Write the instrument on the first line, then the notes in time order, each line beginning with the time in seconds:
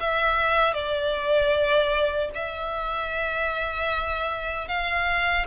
violin
0.00 E5
0.74 D5
2.35 E5
4.68 F5